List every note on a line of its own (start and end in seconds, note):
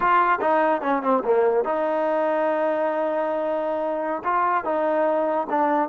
0.00 0.39 F4
0.40 0.81 D#4
0.81 1.02 C#4
1.02 1.23 C4
1.24 1.64 A#3
1.64 4.23 D#4
4.24 4.64 F4
4.64 5.47 D#4
5.49 5.89 D4